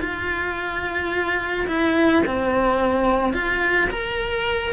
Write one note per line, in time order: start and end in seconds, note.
0.00 1.67 F4
1.67 2.22 E4
2.27 3.33 C4
3.33 3.89 F4
3.90 4.73 A#4